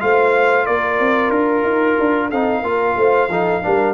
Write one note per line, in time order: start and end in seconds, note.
0.00 0.67 A3
0.00 2.31 F4
0.00 0.66 C5
0.00 0.66 F5
0.66 0.99 A#3
0.66 2.29 A#4
0.66 1.30 D5
0.99 1.30 C4
1.30 1.62 D4
1.30 2.29 A#4
1.64 1.97 D#4
2.00 2.32 D4
2.29 2.62 C4
2.29 2.64 D#4
2.29 2.62 A4
2.29 3.94 F5
2.62 2.95 A#3
2.62 3.30 F4
2.62 2.97 A#4
2.96 3.29 A3
2.96 3.30 C5
3.29 3.62 F3
3.29 3.62 D#4
3.29 3.63 A4
3.62 3.94 G3
3.62 3.94 D4
3.62 3.94 A#4